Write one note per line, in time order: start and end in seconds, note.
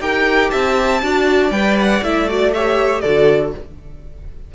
0.00 0.50 D#4
0.00 1.01 G4
0.00 0.51 A#4
0.00 0.50 G5
0.50 1.02 C4
0.50 1.01 E5
0.50 1.51 A5
1.02 1.51 D4
1.02 1.52 F#4
1.02 2.54 D5
1.51 2.01 G3
1.51 2.02 B4
1.51 1.76 G5
1.79 2.04 F#5
2.02 3.03 A3
2.02 2.28 E4
2.02 2.29 E5
2.28 2.53 F#4
2.28 2.53 D5
2.53 3.04 G4
2.53 3.02 C#5
2.53 3.00 E5
3.00 3.54 D3
3.00 3.54 F#4
3.00 3.52 A4
3.00 3.51 D5